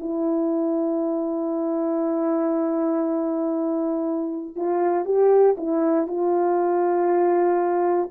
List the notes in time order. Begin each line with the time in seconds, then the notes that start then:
0.00 E4
4.56 F4
5.05 G4
5.58 E4
6.07 F4